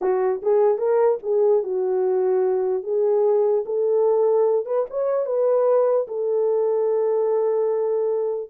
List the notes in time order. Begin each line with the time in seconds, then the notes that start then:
0.01 F#4
0.42 G#4
0.77 A#4
1.23 G#4
1.63 F#4
2.83 G#4
3.65 A4
4.65 B4
4.90 C#5
5.26 B4
6.07 A4